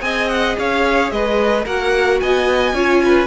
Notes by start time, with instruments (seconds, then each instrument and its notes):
0.00 cello C4, viola G#4, violin D#5 G#5
0.28 violin F#5
0.58 cello C#4, violin C#5 F5
1.10 cello G#3, violin B4 D#5
1.65 cello A#3, viola F#4, violin A#4 F#5
2.20 cello B3, violin D#5 G#5
2.73 cello C#4, viola F4, violin C#5
3.05 violin B4